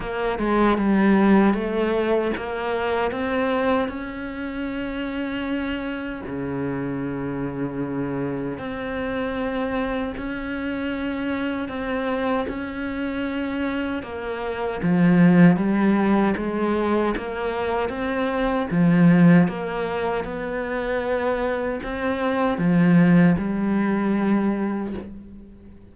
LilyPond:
\new Staff \with { instrumentName = "cello" } { \time 4/4 \tempo 4 = 77 ais8 gis8 g4 a4 ais4 | c'4 cis'2. | cis2. c'4~ | c'4 cis'2 c'4 |
cis'2 ais4 f4 | g4 gis4 ais4 c'4 | f4 ais4 b2 | c'4 f4 g2 | }